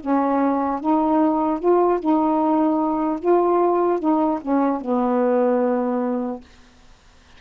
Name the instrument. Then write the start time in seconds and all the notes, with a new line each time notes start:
saxophone
0.00 C#4
0.80 D#4
1.59 F4
1.99 D#4
3.19 F4
3.99 D#4
4.41 C#4
4.81 B3